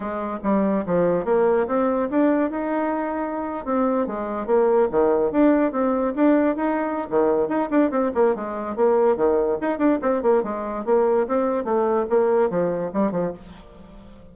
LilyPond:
\new Staff \with { instrumentName = "bassoon" } { \time 4/4 \tempo 4 = 144 gis4 g4 f4 ais4 | c'4 d'4 dis'2~ | dis'8. c'4 gis4 ais4 dis16~ | dis8. d'4 c'4 d'4 dis'16~ |
dis'4 dis4 dis'8 d'8 c'8 ais8 | gis4 ais4 dis4 dis'8 d'8 | c'8 ais8 gis4 ais4 c'4 | a4 ais4 f4 g8 f8 | }